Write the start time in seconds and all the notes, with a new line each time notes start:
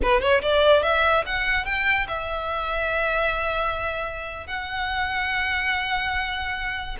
0.02 B4
0.20 C#5
0.41 D5
0.82 E5
1.26 F#5
1.65 G5
2.08 E5
4.46 F#5